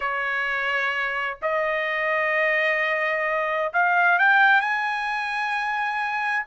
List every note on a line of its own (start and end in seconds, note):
0.00 1.37 C#5
1.41 3.72 D#5
3.73 4.19 F5
4.19 4.60 G5
4.60 6.45 G#5